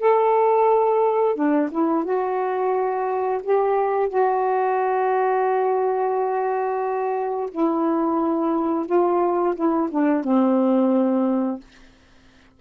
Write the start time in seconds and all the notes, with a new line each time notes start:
0.00 A4
1.36 D4
1.72 E4
2.05 F#4
3.43 G4
4.10 F#4
7.52 E4
8.87 F4
9.56 E4
9.91 D4
10.25 C4